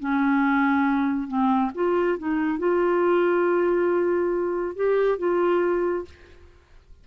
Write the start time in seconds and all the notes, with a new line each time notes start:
0.00 C#4
1.28 C4
1.75 F4
2.19 D#4
2.59 F4
4.76 G4
5.18 F4